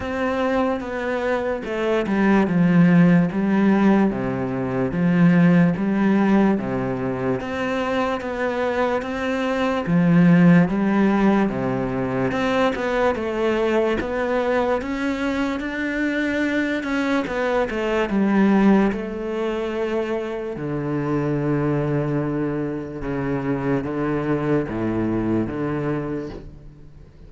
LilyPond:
\new Staff \with { instrumentName = "cello" } { \time 4/4 \tempo 4 = 73 c'4 b4 a8 g8 f4 | g4 c4 f4 g4 | c4 c'4 b4 c'4 | f4 g4 c4 c'8 b8 |
a4 b4 cis'4 d'4~ | d'8 cis'8 b8 a8 g4 a4~ | a4 d2. | cis4 d4 a,4 d4 | }